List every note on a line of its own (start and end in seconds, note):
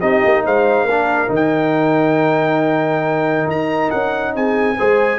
0.00 0.23 C4
0.00 0.88 D#4
0.00 0.43 G4
0.00 0.43 D#5
0.24 0.45 A#3
0.45 0.84 G#3
0.45 0.86 C5
0.45 1.33 F5
0.84 1.27 A#3
0.84 4.34 A#4
0.90 1.27 D4
1.27 3.46 D#3
1.27 4.75 D#4
1.35 3.50 G5
3.46 3.90 D#4
3.46 3.90 A#5
3.90 4.35 C#4
3.90 4.33 F#5
4.34 4.78 C4
4.34 4.76 G#4
4.34 5.19 G#5
4.76 5.19 G#3
4.76 5.19 G#4
4.76 5.19 C5